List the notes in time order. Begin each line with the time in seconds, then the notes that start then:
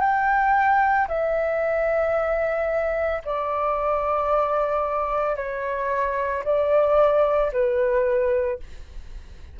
0.00 G5
1.08 E5
3.24 D5
5.36 C#5
6.44 D5
7.52 B4